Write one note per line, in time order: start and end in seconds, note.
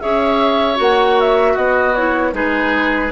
0.00 0.79 C#4
0.00 0.75 G#4
0.00 1.53 C#5
0.00 0.78 E5
0.75 1.56 A#3
0.75 1.92 F#4
0.81 1.20 F#5
1.20 1.57 E5
1.53 2.33 B3
1.53 2.31 F#4
1.53 1.95 D#5
1.95 2.32 E4
1.95 2.34 C#5
2.32 3.11 G#3
2.32 3.10 D#4
2.32 3.12 G#4
2.32 3.12 B4